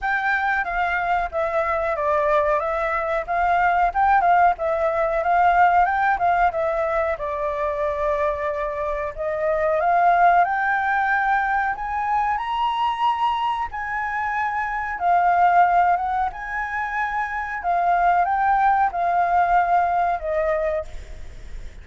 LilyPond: \new Staff \with { instrumentName = "flute" } { \time 4/4 \tempo 4 = 92 g''4 f''4 e''4 d''4 | e''4 f''4 g''8 f''8 e''4 | f''4 g''8 f''8 e''4 d''4~ | d''2 dis''4 f''4 |
g''2 gis''4 ais''4~ | ais''4 gis''2 f''4~ | f''8 fis''8 gis''2 f''4 | g''4 f''2 dis''4 | }